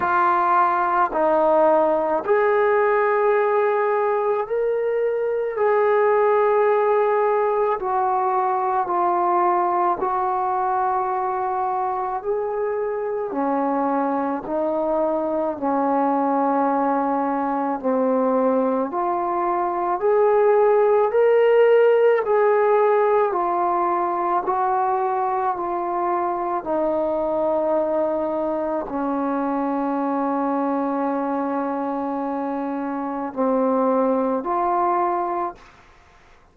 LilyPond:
\new Staff \with { instrumentName = "trombone" } { \time 4/4 \tempo 4 = 54 f'4 dis'4 gis'2 | ais'4 gis'2 fis'4 | f'4 fis'2 gis'4 | cis'4 dis'4 cis'2 |
c'4 f'4 gis'4 ais'4 | gis'4 f'4 fis'4 f'4 | dis'2 cis'2~ | cis'2 c'4 f'4 | }